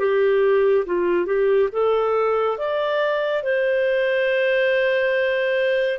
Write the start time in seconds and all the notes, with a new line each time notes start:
0.00 G4
0.86 F4
1.27 G4
1.73 A4
2.58 D5
3.44 C5